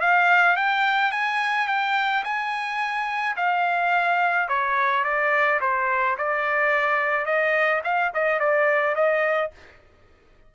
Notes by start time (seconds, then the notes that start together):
0.00 F5
0.56 G5
1.11 G#5
1.67 G5
2.24 G#5
3.36 F5
4.48 C#5
5.04 D5
5.60 C5
6.17 D5
7.25 D#5
7.84 F5
8.14 D#5
8.39 D5
8.95 D#5